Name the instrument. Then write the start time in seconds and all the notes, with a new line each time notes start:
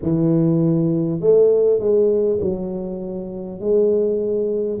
tuba
0.02 E3
1.20 A3
1.79 G#3
2.40 F#3
3.60 G#3